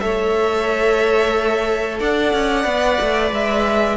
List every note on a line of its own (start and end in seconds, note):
0.00 2.00 A3
0.00 2.63 A4
0.00 1.99 C#5
0.00 1.98 E5
1.99 2.33 D4
1.99 3.96 D5
1.99 3.32 F#5
2.33 2.65 C#4
2.63 2.98 B3
2.63 3.95 B4
3.01 3.31 A3
3.31 3.96 G#3
3.31 3.96 E5